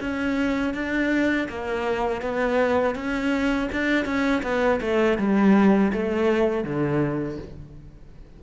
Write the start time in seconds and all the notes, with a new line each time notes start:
0.00 C#4
0.74 D4
1.48 A#3
2.21 B3
2.95 C#4
3.72 D4
4.05 C#4
4.42 B3
4.80 A3
5.18 G3
5.92 A3
6.64 D3